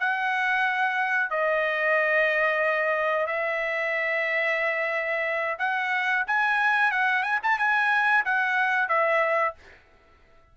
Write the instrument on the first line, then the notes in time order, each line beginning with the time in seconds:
trumpet
0.00 F#5
1.31 D#5
3.27 E5
5.59 F#5
6.27 G#5
6.92 F#5
7.23 G#5
7.44 A5
7.59 G#5
8.25 F#5
8.89 E5